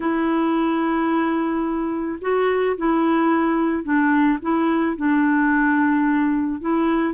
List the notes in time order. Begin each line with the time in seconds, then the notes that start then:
0.00 E4
2.21 F#4
2.77 E4
3.83 D4
4.42 E4
4.96 D4
6.61 E4